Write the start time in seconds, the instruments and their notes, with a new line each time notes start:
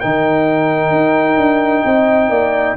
0.00 tuba D#3, trombone D#4, horn A#4, trumpet G5
0.90 tuba D#4
1.37 tuba D4
1.85 tuba C4, horn D#5
2.30 tuba A#3, horn D5